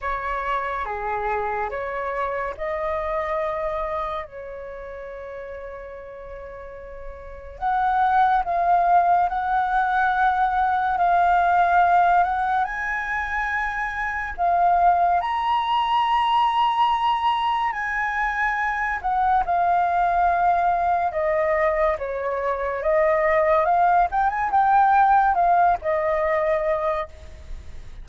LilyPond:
\new Staff \with { instrumentName = "flute" } { \time 4/4 \tempo 4 = 71 cis''4 gis'4 cis''4 dis''4~ | dis''4 cis''2.~ | cis''4 fis''4 f''4 fis''4~ | fis''4 f''4. fis''8 gis''4~ |
gis''4 f''4 ais''2~ | ais''4 gis''4. fis''8 f''4~ | f''4 dis''4 cis''4 dis''4 | f''8 g''16 gis''16 g''4 f''8 dis''4. | }